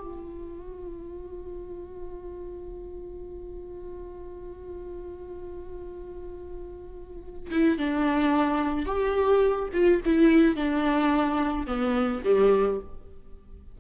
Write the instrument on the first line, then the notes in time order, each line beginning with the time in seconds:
viola
0.00 F4
7.51 E4
7.78 D4
8.86 G4
9.73 F4
10.05 E4
10.56 D4
11.67 B3
12.24 G3